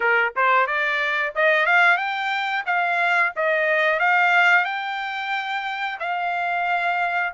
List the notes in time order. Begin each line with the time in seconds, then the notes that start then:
0.00 A#4
0.35 C5
0.66 D5
1.35 D#5
1.65 F5
1.97 G5
2.66 F5
3.35 D#5
3.99 F5
4.65 G5
5.99 F5